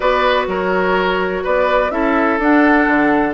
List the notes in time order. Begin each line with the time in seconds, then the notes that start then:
0.00 B3 F#4 B4 D5
0.47 F#3 A#4 C#5
1.43 B3 B4 D5
1.90 C#4 E4 A4 E5
2.39 D4 F#5
2.87 D3